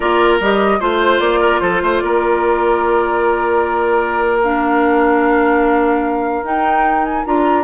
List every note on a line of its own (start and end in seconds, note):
0.00 0.40 A#3
0.00 0.40 F4
0.00 0.78 A#4
0.00 0.36 D5
0.40 0.80 G3
0.40 0.79 G4
0.40 0.81 D#5
0.79 1.19 A3
0.79 4.42 F4
0.79 1.39 C5
0.79 1.20 C5
1.19 1.59 A#3
1.19 1.60 D5
1.39 1.60 A#4
1.60 1.81 F3
1.60 1.82 A4
1.60 1.97 C5
1.81 2.02 A3
1.81 2.03 C5
1.97 6.43 A#3
1.97 7.64 A#4
1.97 4.39 D5
4.43 6.44 D4
4.43 6.44 F5
6.43 7.23 D#4
6.43 7.24 D#4
6.43 7.04 G5
7.04 7.24 G#5
7.25 7.64 D4
7.25 7.64 F4
7.25 7.64 A#5